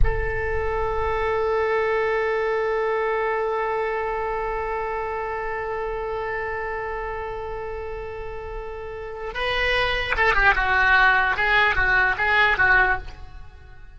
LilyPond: \new Staff \with { instrumentName = "oboe" } { \time 4/4 \tempo 4 = 148 a'1~ | a'1~ | a'1~ | a'1~ |
a'1~ | a'2. b'4~ | b'4 a'8 g'8 fis'2 | gis'4 fis'4 gis'4 fis'4 | }